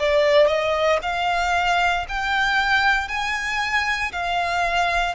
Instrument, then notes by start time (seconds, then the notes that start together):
violin
0.00 D5
0.47 D#5
1.03 F5
2.09 G5
3.09 G#5
4.12 F5